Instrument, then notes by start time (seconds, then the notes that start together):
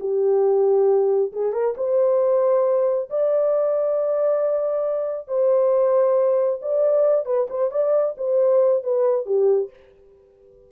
horn
0.00 G4
1.33 G#4
1.53 A#4
1.77 C5
3.10 D5
5.28 C5
6.62 D5
7.26 B4
7.50 C5
7.71 D5
8.18 C5
8.84 B4
9.26 G4